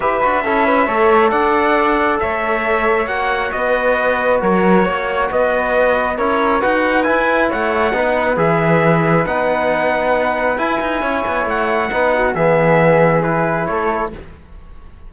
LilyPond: <<
  \new Staff \with { instrumentName = "trumpet" } { \time 4/4 \tempo 4 = 136 e''2. fis''4~ | fis''4 e''2 fis''4 | dis''2 cis''2 | dis''2 cis''4 fis''4 |
gis''4 fis''2 e''4~ | e''4 fis''2. | gis''2 fis''2 | e''2 b'4 cis''4 | }
  \new Staff \with { instrumentName = "flute" } { \time 4/4 b'4 a'8 b'8 cis''4 d''4~ | d''4 cis''2. | b'2 ais'4 cis''4 | b'2 ais'4 b'4~ |
b'4 cis''4 b'2~ | b'1~ | b'4 cis''2 b'8 fis'8 | gis'2. a'4 | }
  \new Staff \with { instrumentName = "trombone" } { \time 4/4 g'8 fis'8 e'4 a'2~ | a'2. fis'4~ | fis'1~ | fis'2 e'4 fis'4 |
e'2 dis'4 gis'4~ | gis'4 dis'2. | e'2. dis'4 | b2 e'2 | }
  \new Staff \with { instrumentName = "cello" } { \time 4/4 e'8 d'8 cis'4 a4 d'4~ | d'4 a2 ais4 | b2 fis4 ais4 | b2 cis'4 dis'4 |
e'4 a4 b4 e4~ | e4 b2. | e'8 dis'8 cis'8 b8 a4 b4 | e2. a4 | }
>>